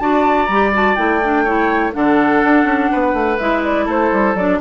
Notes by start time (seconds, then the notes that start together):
0.00 D4 F#4 D5 A5
0.45 G3 A#5
0.52 G4
0.74 F#4 A5
0.96 A3 E4 G5
1.24 D4
1.44 E4 C#5
1.93 D3 D4 A4 F#5
2.44 D4
2.65 C#4
2.92 B3 B4
3.14 A3
3.39 G#3 E4 E5
3.64 D5
3.86 A3 A4 C5
4.12 G3
4.35 F#3 D4 D5